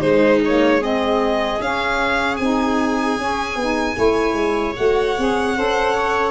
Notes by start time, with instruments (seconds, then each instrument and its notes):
0.00 tuba G#3, saxophone G#3, viola D#4, violin C5
0.44 saxophone A#3, violin C#5
0.80 saxophone C4, viola G#4, violin D#5
1.60 tuba C#4, saxophone C#4, violin F5
2.36 tuba C4, saxophone D#4, violin G#5
3.18 tuba C#4, saxophone C#4
3.55 tuba B3, saxophone D#4
3.95 tuba A3, saxophone E4, viola C#5
4.33 tuba G#3
4.76 tuba A3, saxophone F#4, violin F#5
5.17 tuba C4, saxophone G#4
5.55 tuba C#4, saxophone A4, viola C5
5.95 viola C#5